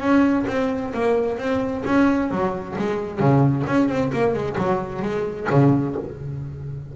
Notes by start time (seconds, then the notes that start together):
0.00 C#4
0.47 C4
0.94 A#3
1.38 C4
1.85 C#4
2.31 F#3
2.78 G#3
3.20 C#3
3.67 C#4
3.88 C4
4.13 A#3
4.33 G#3
4.58 F#3
5.02 G#3
5.50 C#3